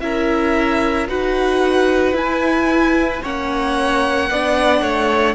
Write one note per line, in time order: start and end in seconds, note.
0.00 1.08 C#4
0.00 1.08 E4
0.00 1.09 A#4
0.00 1.07 E5
1.08 2.13 D#4
1.08 2.14 F#4
1.08 3.22 B4
1.08 2.16 F#5
2.13 3.20 E4
2.13 3.21 E4
2.13 3.24 G#5
3.22 4.30 A#3
3.22 4.30 C#4
3.22 4.29 C#5
3.22 5.35 F#5
4.30 4.81 B3
4.30 5.35 D4
4.30 4.81 D5
4.81 5.35 A3
4.81 5.35 C#5